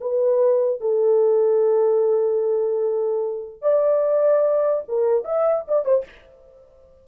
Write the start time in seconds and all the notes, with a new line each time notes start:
0.00 B4
0.80 A4
3.61 D5
4.88 A#4
5.24 E5
5.68 D5
5.84 C5